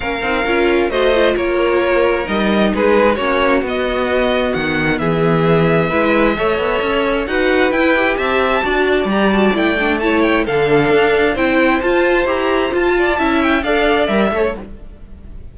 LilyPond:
<<
  \new Staff \with { instrumentName = "violin" } { \time 4/4 \tempo 4 = 132 f''2 dis''4 cis''4~ | cis''4 dis''4 b'4 cis''4 | dis''2 fis''4 e''4~ | e''1 |
fis''4 g''4 a''2 | ais''8 a''8 g''4 a''8 g''8 f''4~ | f''4 g''4 a''4 ais''4 | a''4. g''8 f''4 e''4 | }
  \new Staff \with { instrumentName = "violin" } { \time 4/4 ais'2 c''4 ais'4~ | ais'2 gis'4 fis'4~ | fis'2. gis'4~ | gis'4 b'4 cis''2 |
b'2 e''4 d''4~ | d''2 cis''4 a'4~ | a'4 c''2.~ | c''8 d''8 e''4 d''4. cis''8 | }
  \new Staff \with { instrumentName = "viola" } { \time 4/4 cis'8 dis'8 f'4 fis'8 f'4.~ | f'4 dis'2 cis'4 | b1~ | b4 e'4 a'2 |
fis'4 e'8 g'4. fis'4 | g'8 fis'8 e'8 d'8 e'4 d'4~ | d'4 e'4 f'4 g'4 | f'4 e'4 a'4 ais'8 a'8 | }
  \new Staff \with { instrumentName = "cello" } { \time 4/4 ais8 c'8 cis'4 a4 ais4~ | ais4 g4 gis4 ais4 | b2 dis4 e4~ | e4 gis4 a8 b8 cis'4 |
dis'4 e'4 c'4 d'4 | g4 a2 d4 | d'4 c'4 f'4 e'4 | f'4 cis'4 d'4 g8 a8 | }
>>